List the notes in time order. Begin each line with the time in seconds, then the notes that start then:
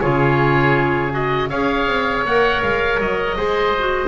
0.00 C#3 F4 G#4 C#5
1.11 F#4 D#5
1.49 C#4 G#4 C#5 F5
1.87 C4
2.25 A#3 A#4 F#5
2.63 G#3 F5
3.00 F#3 D#5
3.37 G#3 G#4 C5
3.79 F#4